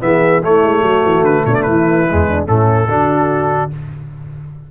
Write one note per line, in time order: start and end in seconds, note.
0.00 0.42 E3
0.00 0.41 B3
0.00 0.44 G#4
0.00 0.42 E5
0.42 0.63 A3
0.42 2.07 A3
0.42 0.83 E4
0.42 1.24 C#5
0.63 0.81 G#3
0.81 1.01 F#3
0.81 1.44 F#4
1.05 1.21 E3
1.21 1.41 D3
1.21 1.44 B4
1.45 1.66 B2
1.45 1.67 D4
1.45 1.54 C#5
1.54 1.62 D5
1.62 2.07 E3
1.62 2.28 E4
1.62 2.44 B4
2.09 2.48 E2
2.09 2.46 G#3
2.28 2.46 D4
2.46 2.88 A2
2.46 2.88 A3
2.46 2.87 C#4
2.46 3.71 A4
2.88 3.70 D3
2.88 3.70 D4
2.88 3.71 F#4